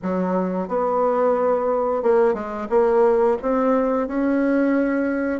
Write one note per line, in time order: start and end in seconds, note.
0.02 0.67 F#3
0.67 2.02 B3
2.02 2.34 A#3
2.34 2.67 G#3
2.69 3.37 A#3
3.42 4.07 C4
4.07 5.40 C#4